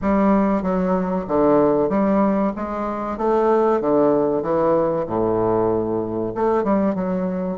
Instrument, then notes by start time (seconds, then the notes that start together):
bassoon
0.01 G3
0.62 F#3
1.27 D3
1.89 G3
2.56 G#3
3.18 A3
3.80 D3
4.42 E3
5.06 A2
6.34 A3
6.63 G3
6.94 F#3